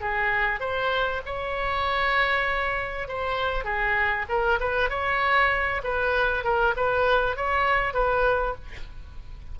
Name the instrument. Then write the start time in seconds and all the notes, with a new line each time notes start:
oboe
0.00 G#4
0.60 C5
1.25 C#5
3.08 C5
3.64 G#4
4.28 A#4
4.59 B4
4.89 C#5
5.83 B4
6.43 A#4
6.76 B4
7.36 C#5
7.93 B4